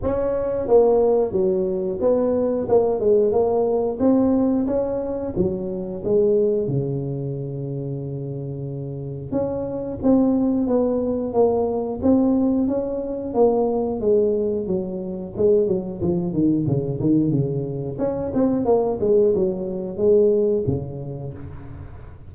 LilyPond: \new Staff \with { instrumentName = "tuba" } { \time 4/4 \tempo 4 = 90 cis'4 ais4 fis4 b4 | ais8 gis8 ais4 c'4 cis'4 | fis4 gis4 cis2~ | cis2 cis'4 c'4 |
b4 ais4 c'4 cis'4 | ais4 gis4 fis4 gis8 fis8 | f8 dis8 cis8 dis8 cis4 cis'8 c'8 | ais8 gis8 fis4 gis4 cis4 | }